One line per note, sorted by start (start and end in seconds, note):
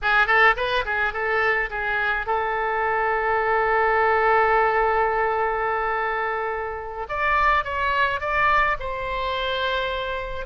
0.02 0.26 G#4
0.26 0.55 A4
0.56 0.84 B4
0.85 1.13 G#4
1.13 1.69 A4
1.70 2.26 G#4
2.26 7.07 A4
7.08 7.64 D5
7.64 8.20 C#5
8.20 8.77 D5
8.79 10.46 C5